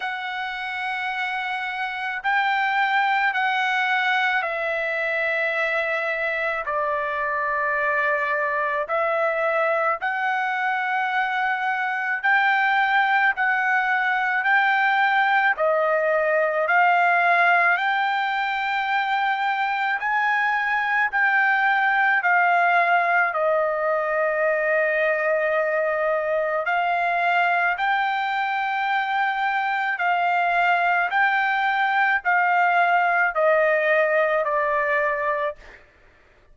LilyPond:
\new Staff \with { instrumentName = "trumpet" } { \time 4/4 \tempo 4 = 54 fis''2 g''4 fis''4 | e''2 d''2 | e''4 fis''2 g''4 | fis''4 g''4 dis''4 f''4 |
g''2 gis''4 g''4 | f''4 dis''2. | f''4 g''2 f''4 | g''4 f''4 dis''4 d''4 | }